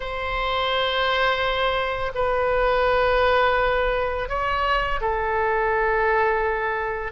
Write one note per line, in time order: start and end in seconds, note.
0.00 2.12 C5
2.14 4.28 B4
4.28 5.00 C#5
5.00 7.12 A4